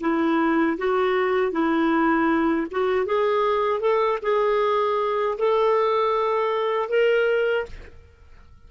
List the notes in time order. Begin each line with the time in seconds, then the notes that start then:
0.00 E4
0.77 F#4
1.51 E4
2.71 F#4
3.06 G#4
3.80 A4
4.22 G#4
5.38 A4
6.88 A#4